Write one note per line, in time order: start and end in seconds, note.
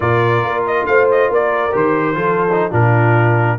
0.00 0.42 A#2
0.00 1.71 F4
0.00 0.87 A#4
0.00 0.64 D5
0.42 0.86 A#3
0.66 0.86 D#5
0.86 1.29 A3
0.86 1.31 C5
0.86 1.07 F5
1.11 1.33 D#5
1.29 1.73 A#3
1.29 2.16 A#4
1.29 1.75 D5
1.71 2.15 D#3
1.71 2.14 G4
1.71 2.73 C5
2.15 2.69 F3
2.15 2.47 F4
2.15 2.70 A4
2.52 2.71 D#4
2.70 3.59 A#2
2.70 3.58 D4
2.70 3.57 F4
2.70 3.59 A#4